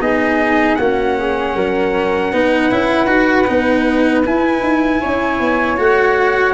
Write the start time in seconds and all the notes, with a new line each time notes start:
0.00 B3 D#4 G#4 D#5
0.76 A#3 C#4 F#4 F#5
1.19 G#4
1.56 F#3 A#4
2.33 B3 D#4 B4
2.71 C#4 E4
3.06 D#4 F#4
3.47 B3 D#4
4.25 E4 G#5
4.61 D#4
5.01 C#4 C#5
5.40 B3
5.77 A3 F#4 F#5